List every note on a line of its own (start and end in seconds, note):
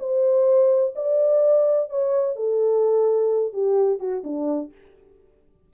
0.00 0.94 C5
0.96 1.90 D5
1.90 2.36 C#5
2.36 3.53 A4
3.53 4.00 G4
4.00 4.23 F#4
4.24 4.72 D4